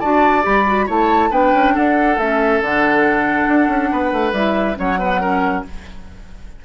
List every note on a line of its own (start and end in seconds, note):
0.00 0.46 D4
0.00 0.42 F#4
0.00 0.86 D5
0.00 0.43 A5
0.42 0.89 G3
0.42 0.64 G4
0.42 0.88 B5
0.67 0.87 F#4
0.86 1.31 A3
0.86 1.30 E4
0.86 1.29 C#5
0.86 1.33 A5
1.30 1.52 B3
1.30 2.17 D4
1.30 1.74 B4
1.30 1.76 G5
1.54 1.76 C#4
1.74 2.17 D4
1.74 3.90 A4
1.74 2.19 F#5
2.17 2.60 A3
2.17 2.63 C#4
2.17 2.62 E5
2.61 3.47 D3
2.61 4.35 D4
2.61 4.34 F#5
3.48 3.68 D4
3.68 3.90 C#4
3.92 4.12 B3
3.92 4.78 B4
4.12 4.32 A3
4.32 4.76 G3
4.32 4.75 E4
4.32 4.77 E5
4.75 5.65 F#3
4.75 4.96 C#4
4.75 4.99 C#5
4.75 5.65 F#5
4.99 5.21 B3
4.99 5.21 B4
5.21 5.64 C#4
5.21 5.64 A#4